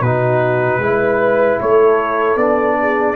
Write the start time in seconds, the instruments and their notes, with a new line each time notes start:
0.00 tuba B2, trombone D#4, horn F#4, trumpet B4
0.78 tuba G#3, trombone E4, horn B4
1.59 tuba A3, horn A4, trumpet C#5
2.36 tuba B3, trombone D4, trumpet D5
2.80 horn G#4